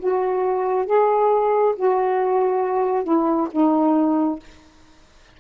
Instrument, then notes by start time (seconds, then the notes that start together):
saxophone
0.00 F#4
0.87 G#4
1.76 F#4
3.04 E4
3.52 D#4